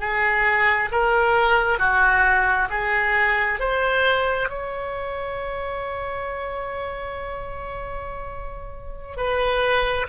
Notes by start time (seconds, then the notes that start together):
0.00 G#4
0.92 A#4
1.79 F#4
2.70 G#4
3.60 C5
4.49 C#5
9.17 B4